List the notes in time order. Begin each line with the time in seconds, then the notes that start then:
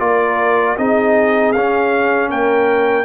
0.00 A#3 F4 A#4 D5
0.78 C4 D#4 G#4 D#5
1.53 C#4 F5
2.30 A#3 A#4 G5